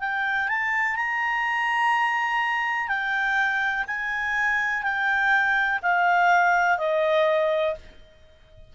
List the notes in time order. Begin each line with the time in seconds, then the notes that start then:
0.00 G5
0.49 A5
0.96 A#5
2.88 G5
3.88 G#5
4.83 G5
5.82 F5
6.78 D#5